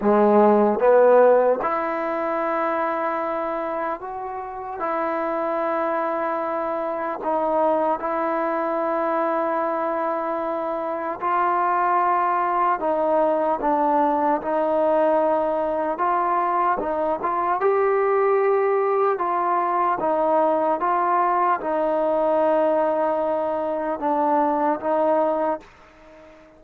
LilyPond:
\new Staff \with { instrumentName = "trombone" } { \time 4/4 \tempo 4 = 75 gis4 b4 e'2~ | e'4 fis'4 e'2~ | e'4 dis'4 e'2~ | e'2 f'2 |
dis'4 d'4 dis'2 | f'4 dis'8 f'8 g'2 | f'4 dis'4 f'4 dis'4~ | dis'2 d'4 dis'4 | }